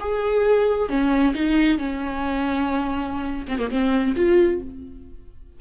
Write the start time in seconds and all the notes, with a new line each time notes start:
0.00 G#4
0.89 C#4
1.35 D#4
1.78 C#4
3.48 C4
3.59 A#3
3.70 C4
4.16 F4